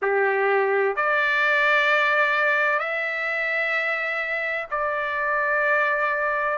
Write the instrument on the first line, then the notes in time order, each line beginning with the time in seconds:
trumpet
0.02 G4
0.95 D5
2.79 E5
4.70 D5